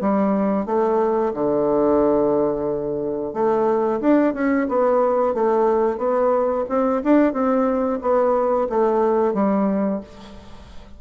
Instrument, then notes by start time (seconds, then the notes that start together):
bassoon
0.00 G3
0.65 A3
1.33 D3
3.33 A3
4.00 D4
4.34 C#4
4.68 B3
5.34 A3
5.98 B3
6.69 C4
7.03 D4
7.32 C4
8.01 B3
8.69 A3
9.34 G3